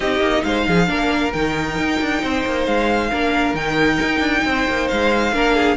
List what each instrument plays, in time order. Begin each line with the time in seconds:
0.00 cello C4, viola D#4, violin G4 D#5
0.20 cello A#3
0.43 cello G#3, violin C5 F5
0.67 cello F3, violin G#4
0.87 cello A#3, viola D4, violin A#4
1.32 cello D#3, viola D#4, violin G5
1.77 cello D#4
2.00 cello D4
2.21 cello C4, violin C5
2.45 cello A#3
2.66 cello G#3, violin F5
3.10 cello A#3, viola D4, violin A#4
3.53 cello D#3, viola D#4, violin G5
4.01 cello D#4
4.19 cello D4
4.45 cello C4, violin C5
4.68 cello A#3
4.88 cello G#3, violin F5
5.31 cello A#3, viola D4, violin A#4
5.55 violin G#4